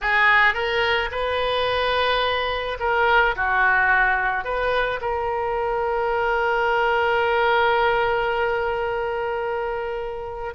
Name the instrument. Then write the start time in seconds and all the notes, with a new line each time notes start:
oboe
0.01 G#4
0.54 A#4
1.11 B4
2.79 A#4
3.35 F#4
4.44 B4
5.01 A#4